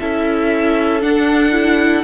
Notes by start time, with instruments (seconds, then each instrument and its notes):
0.00 cello C#4, viola E4, violin A4 E5
1.02 viola D4, cello D4, violin F#5
1.52 viola E4